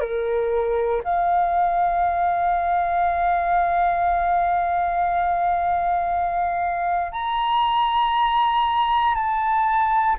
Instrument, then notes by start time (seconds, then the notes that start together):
flute
0.00 A#4
1.04 F5
7.12 A#5
9.14 A5